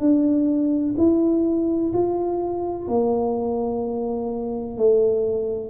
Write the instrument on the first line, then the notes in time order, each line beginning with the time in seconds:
tuba
0.00 D4
0.97 E4
1.93 F4
2.88 A#3
4.77 A3